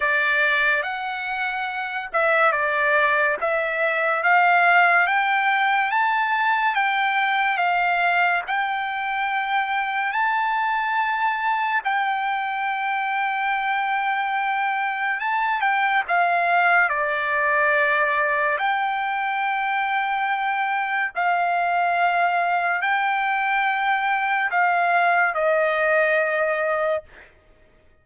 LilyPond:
\new Staff \with { instrumentName = "trumpet" } { \time 4/4 \tempo 4 = 71 d''4 fis''4. e''8 d''4 | e''4 f''4 g''4 a''4 | g''4 f''4 g''2 | a''2 g''2~ |
g''2 a''8 g''8 f''4 | d''2 g''2~ | g''4 f''2 g''4~ | g''4 f''4 dis''2 | }